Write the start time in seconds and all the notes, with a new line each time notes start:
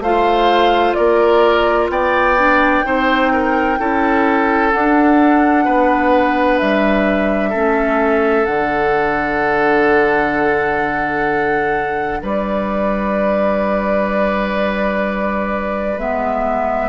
0.00 A3 F4 C5 F5
0.94 A#3 A#4 D5
1.89 B3 D5 G5
2.39 D4
2.84 C4 D#4 C5
3.33 A#4
3.79 C#4 E4 A4
4.72 D4 F#5
5.65 B3 B4
6.59 G3 E5
7.50 A3 C#4 A4
8.46 D3 D4 F#5
12.22 G3 B4 D5
15.98 G#3 B3 E5